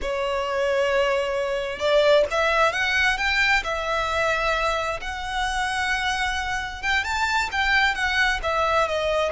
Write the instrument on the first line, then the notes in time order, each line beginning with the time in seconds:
violin
0.01 C#5
1.79 D5
2.30 E5
2.72 F#5
3.17 G5
3.63 E5
5.01 F#5
6.82 G5
7.04 A5
7.51 G5
7.94 F#5
8.42 E5
8.87 D#5